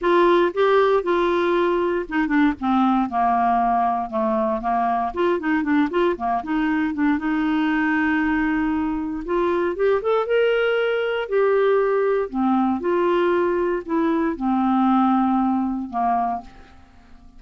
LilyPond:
\new Staff \with { instrumentName = "clarinet" } { \time 4/4 \tempo 4 = 117 f'4 g'4 f'2 | dis'8 d'8 c'4 ais2 | a4 ais4 f'8 dis'8 d'8 f'8 | ais8 dis'4 d'8 dis'2~ |
dis'2 f'4 g'8 a'8 | ais'2 g'2 | c'4 f'2 e'4 | c'2. ais4 | }